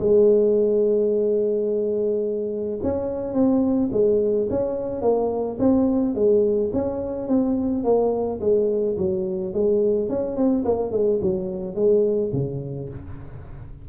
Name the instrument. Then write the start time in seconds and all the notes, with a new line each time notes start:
tuba
0.00 G#3
2.83 C#4
3.34 C4
3.92 G#3
4.50 C#4
5.02 A#3
5.59 C4
6.15 G#3
6.73 C#4
7.28 C4
7.84 A#3
8.40 G#3
8.98 F#3
9.54 G#3
10.09 C#4
10.36 C4
10.65 A#3
10.92 G#3
11.22 F#3
11.75 G#3
12.33 C#3